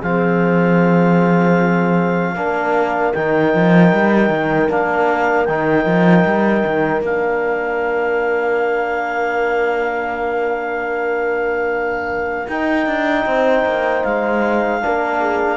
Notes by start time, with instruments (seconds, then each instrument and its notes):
0.00 cello F3, trombone C4, horn G#4, clarinet F5
2.35 cello A#3, trombone D4, horn A#4
3.14 cello D#3, trombone D#4, clarinet G5
3.54 cello F3
3.93 cello G3
4.30 cello D#3
4.69 cello A#3, trombone D4, clarinet F5
5.45 cello D#3, trombone D#4, clarinet G5
5.86 cello F3
6.25 cello G3
6.66 cello D#3
7.01 cello A#3, trombone D4, clarinet F5
12.48 cello D#4, trombone D#4, clarinet G5
12.86 cello D4
13.25 cello C4, horn C5
13.65 cello A#3
14.04 cello G#3, clarinet F5
14.81 cello A#3, trombone D4, horn A#4
15.20 horn G#4